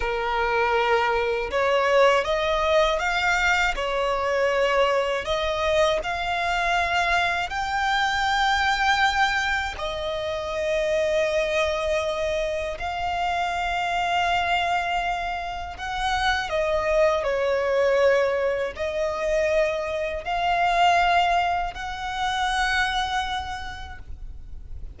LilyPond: \new Staff \with { instrumentName = "violin" } { \time 4/4 \tempo 4 = 80 ais'2 cis''4 dis''4 | f''4 cis''2 dis''4 | f''2 g''2~ | g''4 dis''2.~ |
dis''4 f''2.~ | f''4 fis''4 dis''4 cis''4~ | cis''4 dis''2 f''4~ | f''4 fis''2. | }